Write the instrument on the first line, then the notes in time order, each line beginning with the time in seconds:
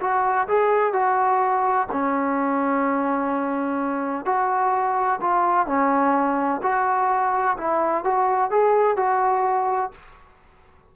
trombone
0.00 F#4
0.48 G#4
0.93 F#4
1.92 C#4
4.25 F#4
5.21 F4
5.66 C#4
6.62 F#4
7.57 E4
8.04 F#4
8.51 G#4
8.97 F#4